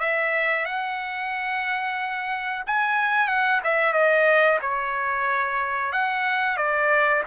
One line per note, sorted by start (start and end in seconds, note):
0.00 0.66 E5
0.66 2.63 F#5
2.67 3.28 G#5
3.28 3.61 F#5
3.64 3.93 E5
3.93 4.59 D#5
4.61 5.92 C#5
5.92 6.57 F#5
6.57 7.23 D5